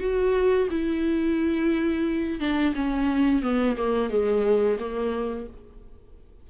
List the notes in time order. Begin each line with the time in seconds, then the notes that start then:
0.00 F#4
0.71 E4
2.40 D4
2.75 C#4
3.42 B3
3.77 A#3
4.10 G#3
4.79 A#3